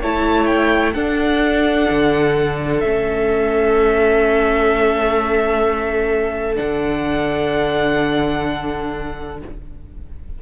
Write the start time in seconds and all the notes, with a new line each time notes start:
0.00 A3 E4 C#5 A5
0.46 G5
0.93 D4 A4 F#5
1.90 D3
2.79 A3 C#4 E5
6.54 D4 F#5
6.60 D3